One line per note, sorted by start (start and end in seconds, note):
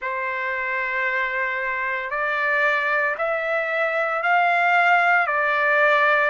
0.01 2.10 C5
2.10 3.15 D5
3.18 4.22 E5
4.22 5.26 F5
5.26 6.30 D5